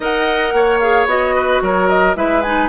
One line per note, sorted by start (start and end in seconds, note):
0.00 0.52 D#4
0.00 0.81 A#4
0.00 0.54 D#5
0.00 0.79 F#5
0.53 1.06 A#3
0.53 1.35 C#5
0.79 1.08 G#4
0.79 1.06 F5
1.06 1.60 B3
1.06 2.15 F#4
1.06 1.62 D#5
1.35 1.62 B4
1.61 2.15 F#3
1.61 2.16 A#4
1.61 1.88 C#5
1.88 2.15 D#5
2.15 2.68 G#3
2.15 2.42 E4
2.15 2.68 B4
2.15 2.42 E5
2.42 2.68 D#4
2.42 2.68 G#5